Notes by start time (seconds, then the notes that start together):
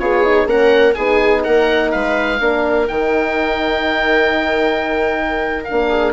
0.00 B3 F4 G#4 C#5
0.24 D#4
0.46 A#3 C#4 A#4 F#5
0.95 B3 D#4 G#4 G#5
1.44 A#3 A#4 F#5
1.92 G#3 B4 F5
2.40 A#3 D4 A#4
2.89 D#3 D#4 G5
5.65 D4 F5
5.72 A#3
5.90 G#4